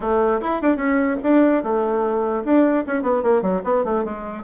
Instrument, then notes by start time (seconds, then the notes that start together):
bassoon
0.00 A3
0.41 E4
0.61 D4
0.76 C#4
1.22 D4
1.63 A3
2.44 D4
2.87 C#4
3.02 B3
3.22 A#3
3.42 F#3
3.64 B3
3.84 A3
4.04 G#3